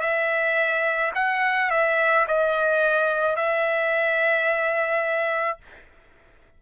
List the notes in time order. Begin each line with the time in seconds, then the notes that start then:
0.00 E5
1.15 F#5
1.70 E5
2.27 D#5
3.36 E5